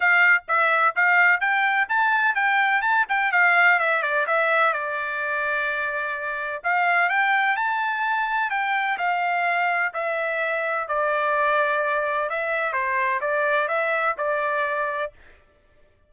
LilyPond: \new Staff \with { instrumentName = "trumpet" } { \time 4/4 \tempo 4 = 127 f''4 e''4 f''4 g''4 | a''4 g''4 a''8 g''8 f''4 | e''8 d''8 e''4 d''2~ | d''2 f''4 g''4 |
a''2 g''4 f''4~ | f''4 e''2 d''4~ | d''2 e''4 c''4 | d''4 e''4 d''2 | }